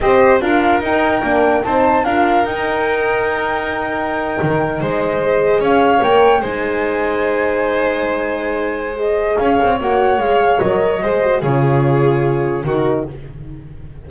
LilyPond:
<<
  \new Staff \with { instrumentName = "flute" } { \time 4/4 \tempo 4 = 147 dis''4 f''4 g''2 | a''4 f''4 g''2~ | g''2.~ g''8. dis''16~ | dis''4.~ dis''16 f''4 g''4 gis''16~ |
gis''1~ | gis''2 dis''4 f''4 | fis''4 f''4 dis''2 | cis''2. ais'4 | }
  \new Staff \with { instrumentName = "violin" } { \time 4/4 c''4 ais'2. | c''4 ais'2.~ | ais'2.~ ais'8. c''16~ | c''4.~ c''16 cis''2 c''16~ |
c''1~ | c''2. cis''4~ | cis''2. c''4 | gis'2. fis'4 | }
  \new Staff \with { instrumentName = "horn" } { \time 4/4 g'4 f'4 dis'4 d'4 | dis'4 f'4 dis'2~ | dis'1~ | dis'8. gis'2 ais'4 dis'16~ |
dis'1~ | dis'2 gis'2 | fis'4 gis'4 ais'4 gis'8 fis'8 | f'2. dis'4 | }
  \new Staff \with { instrumentName = "double bass" } { \time 4/4 c'4 d'4 dis'4 ais4 | c'4 d'4 dis'2~ | dis'2~ dis'8. dis4 gis16~ | gis4.~ gis16 cis'4 ais4 gis16~ |
gis1~ | gis2. cis'8 c'8 | ais4 gis4 fis4 gis4 | cis2. dis4 | }
>>